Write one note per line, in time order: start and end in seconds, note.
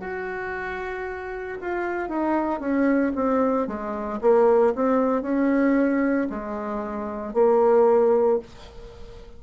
0.00 1.58 F#4
1.61 2.09 F4
2.09 2.60 D#4
2.60 3.12 C#4
3.15 3.67 C4
3.67 4.20 G#3
4.21 4.74 A#3
4.75 5.22 C4
5.22 6.27 C#4
6.29 7.33 G#3
7.33 8.39 A#3